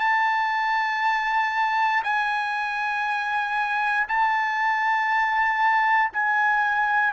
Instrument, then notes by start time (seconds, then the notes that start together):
trumpet
0.00 A5
2.04 G#5
4.08 A5
6.13 G#5